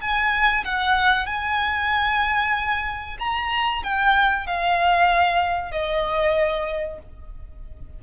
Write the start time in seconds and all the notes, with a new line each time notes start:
0.00 G#5
0.64 F#5
1.26 G#5
3.19 A#5
3.83 G5
4.46 F5
5.71 D#5